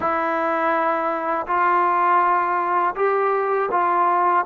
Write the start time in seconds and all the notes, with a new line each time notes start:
0.00 E4
1.46 F4
2.95 G4
3.71 F4